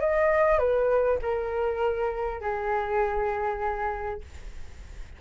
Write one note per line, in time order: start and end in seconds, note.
0.00 0.58 D#5
0.58 1.18 B4
1.21 2.41 A#4
2.41 4.21 G#4